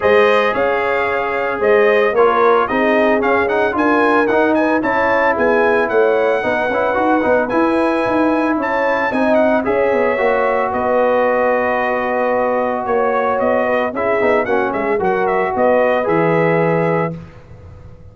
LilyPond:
<<
  \new Staff \with { instrumentName = "trumpet" } { \time 4/4 \tempo 4 = 112 dis''4 f''2 dis''4 | cis''4 dis''4 f''8 fis''8 gis''4 | fis''8 gis''8 a''4 gis''4 fis''4~ | fis''2 gis''2 |
a''4 gis''8 fis''8 e''2 | dis''1 | cis''4 dis''4 e''4 fis''8 e''8 | fis''8 e''8 dis''4 e''2 | }
  \new Staff \with { instrumentName = "horn" } { \time 4/4 c''4 cis''2 c''4 | ais'4 gis'2 ais'4~ | ais'8 b'8 cis''4 gis'4 cis''4 | b'1 |
cis''4 dis''4 cis''2 | b'1 | cis''4. b'8 gis'4 fis'8 gis'8 | ais'4 b'2. | }
  \new Staff \with { instrumentName = "trombone" } { \time 4/4 gis'1 | f'4 dis'4 cis'8 dis'8 f'4 | dis'4 e'2. | dis'8 e'8 fis'8 dis'8 e'2~ |
e'4 dis'4 gis'4 fis'4~ | fis'1~ | fis'2 e'8 dis'8 cis'4 | fis'2 gis'2 | }
  \new Staff \with { instrumentName = "tuba" } { \time 4/4 gis4 cis'2 gis4 | ais4 c'4 cis'4 d'4 | dis'4 cis'4 b4 a4 | b8 cis'8 dis'8 b8 e'4 dis'4 |
cis'4 c'4 cis'8 b8 ais4 | b1 | ais4 b4 cis'8 b8 ais8 gis8 | fis4 b4 e2 | }
>>